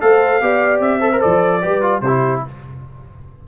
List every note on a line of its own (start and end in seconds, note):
0.00 0.41 A3
0.00 0.41 A4
0.00 0.42 C5
0.00 0.81 F5
0.41 0.80 B3
0.41 1.00 G4
0.41 0.99 D5
0.80 1.20 C4
0.80 1.20 E5
0.99 1.10 A4
0.99 1.60 C5
1.12 1.20 A#4
1.20 1.64 F3
1.20 1.60 A4
1.20 2.01 D5
1.62 2.01 G3
1.62 1.81 G4
1.62 2.02 B4
1.81 2.01 F4
2.01 2.41 C3
2.01 2.43 G4
2.01 2.41 C5
2.07 2.47 E4